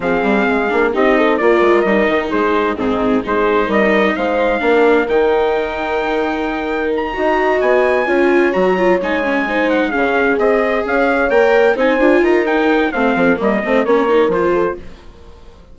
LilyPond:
<<
  \new Staff \with { instrumentName = "trumpet" } { \time 4/4 \tempo 4 = 130 f''2 dis''4 d''4 | dis''4 c''4 gis'4 c''4 | dis''4 f''2 g''4~ | g''2. ais''4~ |
ais''8 gis''2 ais''4 gis''8~ | gis''4 fis''8 f''4 dis''4 f''8~ | f''8 g''4 gis''4 ais''8 g''4 | f''4 dis''4 cis''4 c''4 | }
  \new Staff \with { instrumentName = "horn" } { \time 4/4 gis'2 g'8 a'8 ais'4~ | ais'4 gis'4 dis'4 gis'4 | ais'4 c''4 ais'2~ | ais'2.~ ais'8 dis''8~ |
dis''4. cis''2~ cis''8~ | cis''8 c''4 gis'2 cis''8~ | cis''4. c''4 ais'4. | c''8 a'8 ais'8 c''8 ais'4. a'8 | }
  \new Staff \with { instrumentName = "viola" } { \time 4/4 c'4. d'8 dis'4 f'4 | dis'2 c'4 dis'4~ | dis'2 d'4 dis'4~ | dis'2.~ dis'8 fis'8~ |
fis'4. f'4 fis'8 f'8 dis'8 | cis'8 dis'4 cis'4 gis'4.~ | gis'8 ais'4 dis'8 f'4 dis'4 | c'4 ais8 c'8 cis'8 dis'8 f'4 | }
  \new Staff \with { instrumentName = "bassoon" } { \time 4/4 f8 g8 gis8 ais8 c'4 ais8 gis8 | g8 dis8 gis4 gis,4 gis4 | g4 gis4 ais4 dis4~ | dis2.~ dis8 dis'8~ |
dis'8 b4 cis'4 fis4 gis8~ | gis4. cis4 c'4 cis'8~ | cis'8 ais4 c'8 d'8 dis'4. | a8 f8 g8 a8 ais4 f4 | }
>>